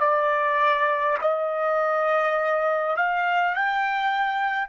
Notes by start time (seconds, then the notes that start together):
0.00 D5
1.21 D#5
2.97 F5
3.55 G5